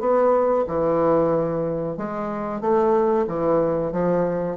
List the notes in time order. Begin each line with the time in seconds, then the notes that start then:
0.00 B3
0.67 E3
1.97 G#3
2.61 A3
3.27 E3
3.92 F3